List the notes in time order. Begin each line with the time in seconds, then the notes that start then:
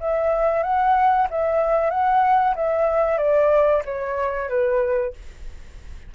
0.00 E5
0.63 F#5
1.30 E5
1.90 F#5
2.56 E5
3.18 D5
3.85 C#5
4.49 B4